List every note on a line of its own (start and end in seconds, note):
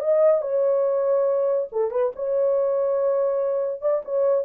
0.00 0.42 D#5
0.42 1.68 C#5
1.72 1.91 A4
1.91 2.12 B4
2.16 3.81 C#5
3.81 4.03 D5
4.05 4.45 C#5